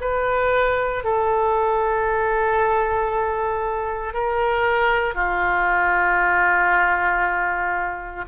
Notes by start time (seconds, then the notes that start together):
0.00 B4
1.03 A4
4.13 A#4
5.14 F4